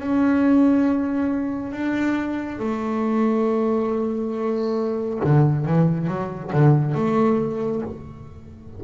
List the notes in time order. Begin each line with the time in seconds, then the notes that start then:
0.00 C#4
1.72 D4
2.59 A3
5.25 D3
5.66 E3
6.08 F#3
6.53 D3
6.95 A3